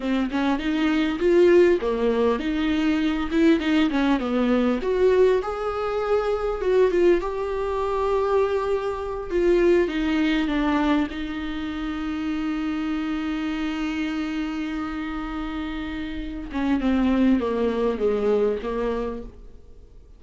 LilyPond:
\new Staff \with { instrumentName = "viola" } { \time 4/4 \tempo 4 = 100 c'8 cis'8 dis'4 f'4 ais4 | dis'4. e'8 dis'8 cis'8 b4 | fis'4 gis'2 fis'8 f'8 | g'2.~ g'8 f'8~ |
f'8 dis'4 d'4 dis'4.~ | dis'1~ | dis'2.~ dis'8 cis'8 | c'4 ais4 gis4 ais4 | }